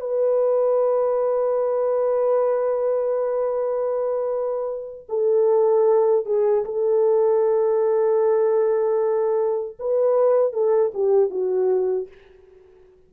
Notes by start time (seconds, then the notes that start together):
0.00 B4
5.08 A4
6.25 G#4
6.64 A4
9.79 B4
10.53 A4
10.94 G4
11.30 F#4